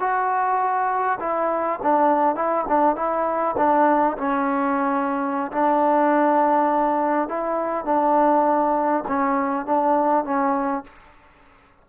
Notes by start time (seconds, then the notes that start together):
0.00 F#4
1.20 E4
1.83 D4
2.35 E4
2.68 D4
2.96 E4
3.58 D4
4.18 C#4
5.52 D4
7.29 E4
7.85 D4
9.08 C#4
9.66 D4
10.24 C#4